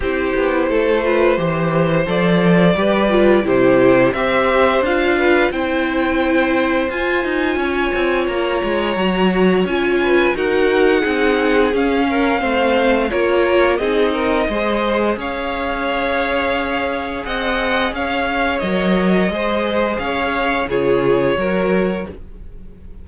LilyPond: <<
  \new Staff \with { instrumentName = "violin" } { \time 4/4 \tempo 4 = 87 c''2. d''4~ | d''4 c''4 e''4 f''4 | g''2 gis''2 | ais''2 gis''4 fis''4~ |
fis''4 f''2 cis''4 | dis''2 f''2~ | f''4 fis''4 f''4 dis''4~ | dis''4 f''4 cis''2 | }
  \new Staff \with { instrumentName = "violin" } { \time 4/4 g'4 a'8 b'8 c''2 | b'4 g'4 c''4. b'8 | c''2. cis''4~ | cis''2~ cis''8 b'8 ais'4 |
gis'4. ais'8 c''4 ais'4 | gis'8 ais'8 c''4 cis''2~ | cis''4 dis''4 cis''2 | c''4 cis''4 gis'4 ais'4 | }
  \new Staff \with { instrumentName = "viola" } { \time 4/4 e'4. f'8 g'4 a'4 | g'8 f'8 e'4 g'4 f'4 | e'2 f'2~ | f'4 fis'4 f'4 fis'4 |
dis'4 cis'4 c'4 f'4 | dis'4 gis'2.~ | gis'2. ais'4 | gis'2 f'4 fis'4 | }
  \new Staff \with { instrumentName = "cello" } { \time 4/4 c'8 b8 a4 e4 f4 | g4 c4 c'4 d'4 | c'2 f'8 dis'8 cis'8 c'8 | ais8 gis8 fis4 cis'4 dis'4 |
c'4 cis'4 a4 ais4 | c'4 gis4 cis'2~ | cis'4 c'4 cis'4 fis4 | gis4 cis'4 cis4 fis4 | }
>>